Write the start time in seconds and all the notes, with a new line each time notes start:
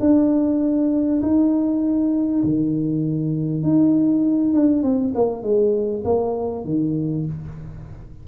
0.00 D4
1.22 D#4
2.44 D#3
3.63 D#4
4.53 D4
4.83 C4
5.15 A#3
5.43 G#3
6.04 A#3
6.65 D#3